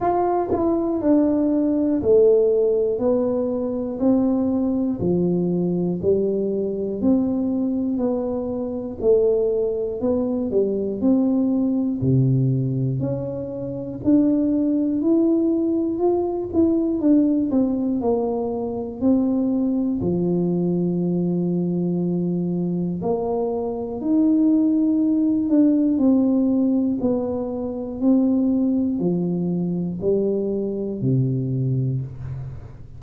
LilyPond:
\new Staff \with { instrumentName = "tuba" } { \time 4/4 \tempo 4 = 60 f'8 e'8 d'4 a4 b4 | c'4 f4 g4 c'4 | b4 a4 b8 g8 c'4 | c4 cis'4 d'4 e'4 |
f'8 e'8 d'8 c'8 ais4 c'4 | f2. ais4 | dis'4. d'8 c'4 b4 | c'4 f4 g4 c4 | }